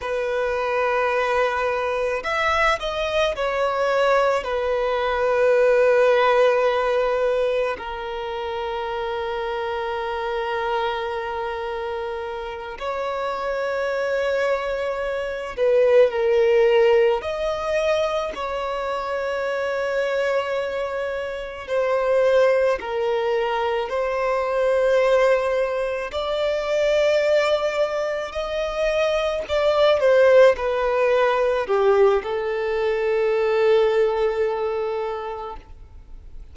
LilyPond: \new Staff \with { instrumentName = "violin" } { \time 4/4 \tempo 4 = 54 b'2 e''8 dis''8 cis''4 | b'2. ais'4~ | ais'2.~ ais'8 cis''8~ | cis''2 b'8 ais'4 dis''8~ |
dis''8 cis''2. c''8~ | c''8 ais'4 c''2 d''8~ | d''4. dis''4 d''8 c''8 b'8~ | b'8 g'8 a'2. | }